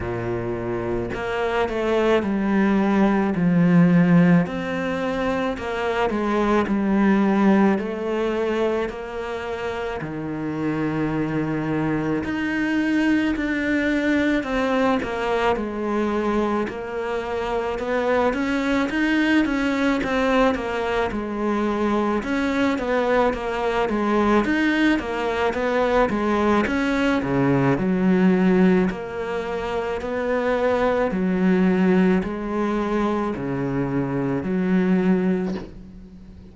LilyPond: \new Staff \with { instrumentName = "cello" } { \time 4/4 \tempo 4 = 54 ais,4 ais8 a8 g4 f4 | c'4 ais8 gis8 g4 a4 | ais4 dis2 dis'4 | d'4 c'8 ais8 gis4 ais4 |
b8 cis'8 dis'8 cis'8 c'8 ais8 gis4 | cis'8 b8 ais8 gis8 dis'8 ais8 b8 gis8 | cis'8 cis8 fis4 ais4 b4 | fis4 gis4 cis4 fis4 | }